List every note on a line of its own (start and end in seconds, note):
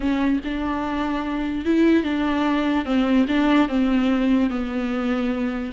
0.00 0.40 C#4
0.44 1.65 D4
1.65 2.03 E4
2.03 2.85 D4
2.85 3.26 C4
3.28 3.68 D4
3.68 4.50 C4
4.50 5.72 B3